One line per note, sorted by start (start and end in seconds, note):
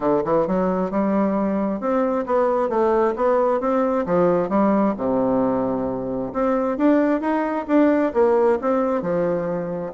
0.00 0.22 D3
0.24 0.47 E3
0.47 0.90 F#3
0.90 1.80 G3
1.80 2.25 C4
2.26 2.69 B3
2.69 3.14 A3
3.16 3.60 B3
3.60 4.05 C4
4.06 4.49 F3
4.49 4.94 G3
4.97 6.32 C3
6.33 6.77 C4
6.77 7.20 D4
7.20 7.65 D#4
7.67 8.12 D4
8.13 8.58 A#3
8.61 9.02 C4
9.02 9.92 F3